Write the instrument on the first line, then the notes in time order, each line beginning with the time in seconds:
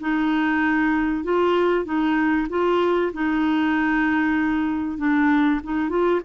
clarinet
0.00 D#4
1.24 F4
1.85 D#4
2.49 F4
3.13 D#4
4.98 D4
5.63 D#4
5.89 F4